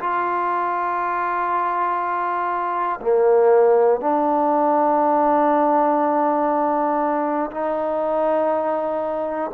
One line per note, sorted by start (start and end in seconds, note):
0.00 3.00 F4
3.01 4.01 A#3
4.01 7.51 D4
7.51 9.51 D#4